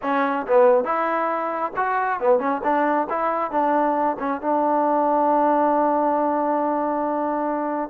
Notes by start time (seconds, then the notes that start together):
0.02 C#4
0.46 B3
0.84 E4
1.76 F#4
2.20 B3
2.39 C#4
2.63 D4
3.09 E4
3.51 D4
4.19 C#4
4.41 D4